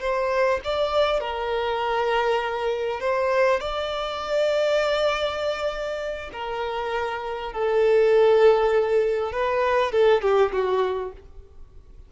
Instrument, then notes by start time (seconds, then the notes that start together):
violin
0.00 C5
0.64 D5
1.20 A#4
3.00 C5
3.60 D5
6.32 A#4
7.52 A4
9.32 B4
9.92 A4
10.22 G4
10.52 F#4